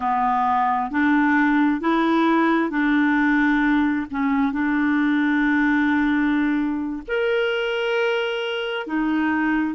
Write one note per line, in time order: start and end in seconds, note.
0.00 0.90 B3
0.90 1.80 D4
1.80 2.70 E4
2.70 4.06 D4
4.10 4.52 C#4
4.52 7.02 D4
7.07 8.86 A#4
8.86 9.74 D#4